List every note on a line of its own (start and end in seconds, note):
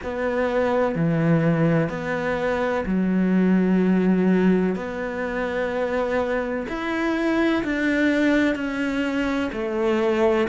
0.03 0.95 B3
0.95 1.89 E3
1.89 2.84 B3
2.85 4.75 F#3
4.75 6.66 B3
6.68 7.63 E4
7.64 8.55 D4
8.55 9.50 C#4
9.52 10.47 A3